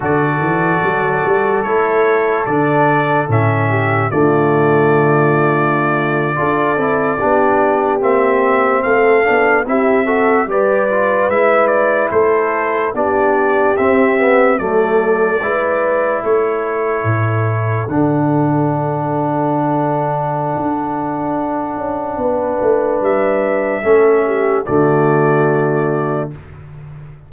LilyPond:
<<
  \new Staff \with { instrumentName = "trumpet" } { \time 4/4 \tempo 4 = 73 d''2 cis''4 d''4 | e''4 d''2.~ | d''4.~ d''16 e''4 f''4 e''16~ | e''8. d''4 e''8 d''8 c''4 d''16~ |
d''8. e''4 d''2 cis''16~ | cis''4.~ cis''16 fis''2~ fis''16~ | fis''1 | e''2 d''2 | }
  \new Staff \with { instrumentName = "horn" } { \time 4/4 a'1~ | a'8 g'8 f'2~ f'8. a'16~ | a'8. g'2 a'4 g'16~ | g'16 a'8 b'2 a'4 g'16~ |
g'4.~ g'16 a'4 b'4 a'16~ | a'1~ | a'2. b'4~ | b'4 a'8 g'8 fis'2 | }
  \new Staff \with { instrumentName = "trombone" } { \time 4/4 fis'2 e'4 d'4 | cis'4 a2~ a8. f'16~ | f'16 e'8 d'4 c'4. d'8 e'16~ | e'16 fis'8 g'8 f'8 e'2 d'16~ |
d'8. c'8 b8 a4 e'4~ e'16~ | e'4.~ e'16 d'2~ d'16~ | d'1~ | d'4 cis'4 a2 | }
  \new Staff \with { instrumentName = "tuba" } { \time 4/4 d8 e8 fis8 g8 a4 d4 | a,4 d2~ d8. d'16~ | d'16 c'8 b4 ais4 a8 b8 c'16~ | c'8. g4 gis4 a4 b16~ |
b8. c'4 fis4 gis4 a16~ | a8. a,4 d2~ d16~ | d4 d'4. cis'8 b8 a8 | g4 a4 d2 | }
>>